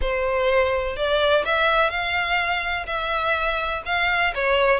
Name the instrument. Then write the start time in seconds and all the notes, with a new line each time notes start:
violin
0.01 C5
0.96 D5
1.45 E5
1.90 F5
2.86 E5
3.85 F5
4.34 C#5